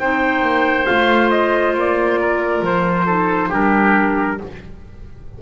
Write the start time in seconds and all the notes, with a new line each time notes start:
0.00 C4 D#4 C5 G5
0.42 A#3
0.85 A3 F4 F5
1.31 D#5
1.74 A#3 D5
2.21 A#4
2.62 F3 C5
3.06 D#4 A4
3.49 G3 D4 G4 A#4